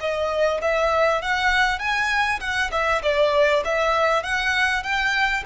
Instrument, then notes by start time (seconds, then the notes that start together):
violin
0.00 D#5
0.61 E5
1.21 F#5
1.79 G#5
2.40 F#5
2.71 E5
3.02 D5
3.64 E5
4.23 F#5
4.83 G5